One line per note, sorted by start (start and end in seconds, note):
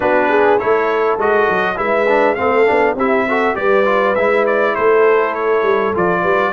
0.00 0.60 B3
0.00 0.59 D4
0.00 0.28 F#4
0.00 0.58 B4
0.28 0.58 G#4
0.58 1.17 A3
0.58 1.18 E4
0.58 1.77 A4
0.58 1.18 C#5
1.17 1.47 G#3
1.17 1.75 F#4
1.17 1.78 D#5
1.49 1.78 F#3
1.75 2.38 G#3
1.75 2.05 E4
1.75 2.37 B4
1.75 2.34 E5
2.08 2.36 D4
2.34 2.68 A3
2.34 2.66 C4
2.34 2.96 A4
2.34 2.94 F5
2.66 2.94 B3
2.66 2.95 D4
2.94 3.53 C4
2.94 3.28 E4
2.94 3.26 G4
2.94 3.55 E5
3.27 3.54 F#4
3.27 3.57 A4
3.54 4.16 G3
3.54 3.84 G4
3.54 4.74 B4
3.54 4.15 D5
3.85 4.14 F4
4.15 4.75 G#3
4.15 5.94 E4
4.15 4.45 E5
4.46 4.75 D5
4.74 5.62 A3
4.74 6.21 A4
4.74 5.34 C5
5.34 5.94 C#5
5.62 5.92 G3
5.94 6.23 F3
5.94 6.52 F4
5.94 6.52 D5
6.21 6.52 G3
6.21 6.51 B4